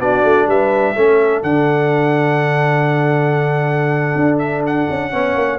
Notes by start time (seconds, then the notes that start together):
0.00 B3 D4 F#4 D5
0.24 A3
0.47 G3 B4 E5
0.96 A3 C#4 A4
1.43 D3 D4 F#5
4.16 D4
4.39 E5
4.67 F#5
4.90 C#4
5.12 B3 C#4 C#5
5.36 A#3